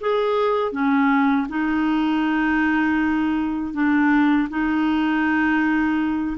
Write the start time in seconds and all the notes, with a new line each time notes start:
0.00 G#4
0.72 C#4
1.48 D#4
3.73 D4
4.49 D#4